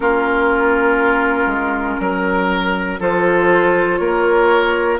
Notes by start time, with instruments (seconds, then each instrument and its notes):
0.00 bassoon A#3, clarinet C#4, oboe F4, flute A#4
1.46 bassoon G#3
1.99 bassoon F#3, oboe A#4
2.99 bassoon F3, clarinet F4, oboe A4, flute C5
3.96 bassoon A#3, oboe A#4, flute C#5